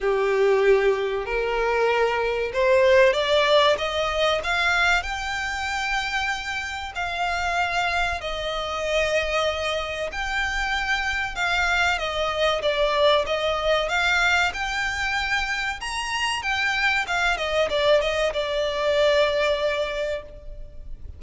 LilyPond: \new Staff \with { instrumentName = "violin" } { \time 4/4 \tempo 4 = 95 g'2 ais'2 | c''4 d''4 dis''4 f''4 | g''2. f''4~ | f''4 dis''2. |
g''2 f''4 dis''4 | d''4 dis''4 f''4 g''4~ | g''4 ais''4 g''4 f''8 dis''8 | d''8 dis''8 d''2. | }